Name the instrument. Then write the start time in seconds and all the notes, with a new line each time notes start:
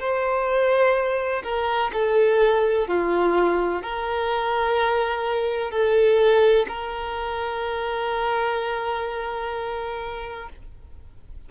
violin
0.00 C5
1.44 A#4
1.93 A4
2.88 F4
3.83 A#4
5.71 A4
6.68 A#4